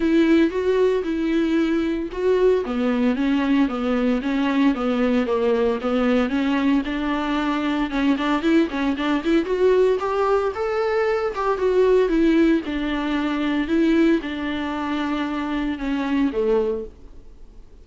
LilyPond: \new Staff \with { instrumentName = "viola" } { \time 4/4 \tempo 4 = 114 e'4 fis'4 e'2 | fis'4 b4 cis'4 b4 | cis'4 b4 ais4 b4 | cis'4 d'2 cis'8 d'8 |
e'8 cis'8 d'8 e'8 fis'4 g'4 | a'4. g'8 fis'4 e'4 | d'2 e'4 d'4~ | d'2 cis'4 a4 | }